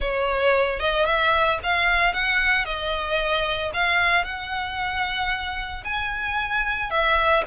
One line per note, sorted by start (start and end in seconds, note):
0.00 0.79 C#5
0.79 1.05 D#5
1.05 1.58 E5
1.63 2.13 F5
2.13 2.65 F#5
2.65 3.71 D#5
3.73 4.24 F5
4.24 5.83 F#5
5.84 6.90 G#5
6.90 7.43 E5